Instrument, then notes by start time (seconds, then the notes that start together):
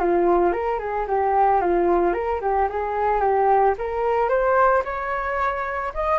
flute
0.00 F4
0.53 A#4
0.80 G#4
1.08 G4
1.61 F4
2.14 A#4
2.42 G4
2.70 G#4
3.21 G4
3.79 A#4
4.29 C5
4.85 C#5
5.95 D#5